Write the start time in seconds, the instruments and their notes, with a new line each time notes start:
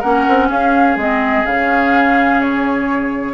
0.00 bassoon A#3, clarinet C#4, oboe A#4, flute F#5
0.29 bassoon C4
0.50 bassoon C#4, oboe G#4, flute F5
0.96 bassoon G#3, clarinet C4, flute D#5
1.46 bassoon C#3, clarinet C#4, flute F5
2.42 flute C#5